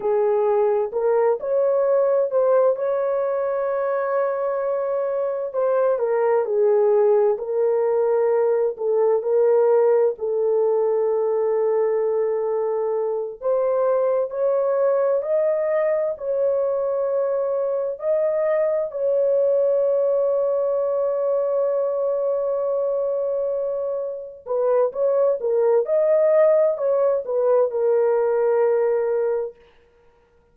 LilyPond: \new Staff \with { instrumentName = "horn" } { \time 4/4 \tempo 4 = 65 gis'4 ais'8 cis''4 c''8 cis''4~ | cis''2 c''8 ais'8 gis'4 | ais'4. a'8 ais'4 a'4~ | a'2~ a'8 c''4 cis''8~ |
cis''8 dis''4 cis''2 dis''8~ | dis''8 cis''2.~ cis''8~ | cis''2~ cis''8 b'8 cis''8 ais'8 | dis''4 cis''8 b'8 ais'2 | }